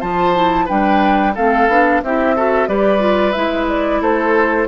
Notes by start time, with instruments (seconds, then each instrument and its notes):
0.00 bassoon F3, clarinet F4, oboe C5, flute A5
0.34 clarinet E4
0.65 bassoon G3, clarinet D4, oboe B4, flute G5
1.34 bassoon A3, clarinet C4, oboe A4, flute F5
1.68 bassoon B3, clarinet D4
2.02 bassoon C4, clarinet E4, oboe G4, flute E5
2.35 clarinet F#4, oboe A4
2.68 bassoon G3, clarinet G4, oboe B4, flute D5
2.99 clarinet F4
3.32 bassoon G#3, clarinet E4, flute E5
3.68 flute D5
4.01 bassoon A3, oboe A4, flute C5